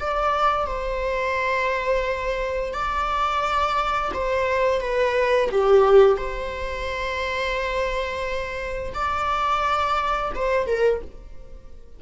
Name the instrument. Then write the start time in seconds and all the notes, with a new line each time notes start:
viola
0.00 D5
0.66 C5
2.74 D5
4.13 C5
4.81 B4
5.51 G4
6.17 C5
8.94 D5
10.35 C5
10.66 A#4